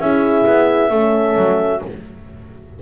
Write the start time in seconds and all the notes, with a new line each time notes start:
0.00 C#4 E4 G#4 E5
0.46 B3
0.91 A3 C#4 A4
1.37 F#3